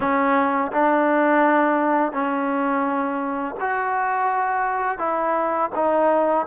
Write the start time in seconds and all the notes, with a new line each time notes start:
0.00 C#4
0.71 D4
2.12 C#4
3.60 F#4
4.98 E4
5.75 D#4